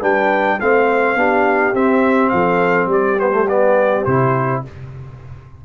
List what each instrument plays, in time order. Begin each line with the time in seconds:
0.00 tuba G3, trombone D4, horn B4, trumpet G5
0.60 tuba A3, trombone C4, horn C5, trumpet F5
1.16 tuba B3, trombone D4, horn G4
1.74 tuba C4, trombone C4, trumpet E5
2.30 tuba F3, horn A4, trumpet F5
2.86 tuba G3, horn G4
2.92 trumpet D5
3.19 trombone B3, trumpet C5
3.31 trombone A3
3.49 trombone B3, trumpet D5
4.05 tuba C3, trombone E4, trumpet C5